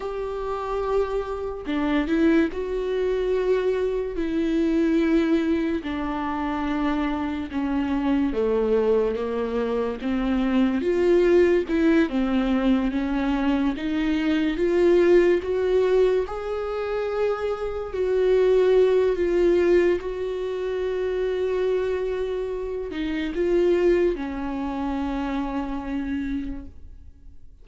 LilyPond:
\new Staff \with { instrumentName = "viola" } { \time 4/4 \tempo 4 = 72 g'2 d'8 e'8 fis'4~ | fis'4 e'2 d'4~ | d'4 cis'4 a4 ais4 | c'4 f'4 e'8 c'4 cis'8~ |
cis'8 dis'4 f'4 fis'4 gis'8~ | gis'4. fis'4. f'4 | fis'2.~ fis'8 dis'8 | f'4 cis'2. | }